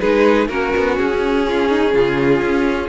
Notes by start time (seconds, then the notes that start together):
0.00 G#3 D#4 G#4 B4
0.48 A#3 C#4 F#4 A#4
0.76 B3
0.98 C#4 G#4
1.48 F4
1.68 D#4
1.94 C#3 F4
2.41 C#4